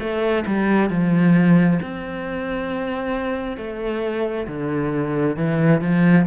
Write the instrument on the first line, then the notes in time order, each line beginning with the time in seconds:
cello
0.00 A3
0.47 G3
0.90 F3
1.82 C4
3.58 A3
4.48 D3
5.37 E3
5.82 F3